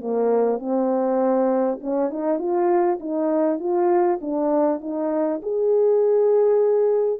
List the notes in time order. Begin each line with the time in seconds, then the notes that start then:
0.00 A#3
0.59 C4
1.81 C#4
2.10 D#4
2.38 F4
3.00 D#4
3.59 F4
4.21 D4
4.80 D#4
5.42 G#4